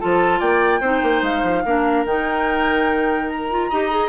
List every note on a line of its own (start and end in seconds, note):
0.00 0.41 F3
0.00 0.83 F4
0.00 0.39 A4
0.00 0.40 A5
0.39 0.81 A#3
0.39 0.80 D5
0.39 1.22 G5
0.81 1.01 C4
0.81 1.65 D#4
0.81 1.63 C5
1.02 1.22 A#3
1.22 1.42 G#3
1.22 2.06 F5
1.43 1.63 F3
1.65 2.05 A#3
1.65 2.06 D4
1.65 3.69 A#4
2.05 3.69 D#3
2.05 3.50 D#4
2.05 3.29 G5
3.29 4.09 A#5
3.50 3.71 F4
3.69 4.09 D#4
3.69 3.91 G4
3.69 4.09 D#5
3.91 4.09 G#4